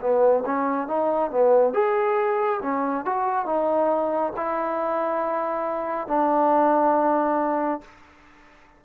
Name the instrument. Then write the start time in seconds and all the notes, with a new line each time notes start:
trombone
0.00 B3
0.45 C#4
0.87 D#4
1.30 B3
1.73 G#4
2.62 C#4
3.05 F#4
3.45 D#4
4.36 E4
6.07 D4